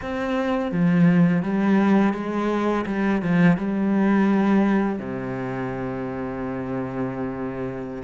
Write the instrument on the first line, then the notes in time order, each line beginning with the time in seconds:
cello
0.01 C4
0.71 F3
1.43 G3
2.13 G#3
2.86 G3
3.21 F3
3.57 G3
4.99 C3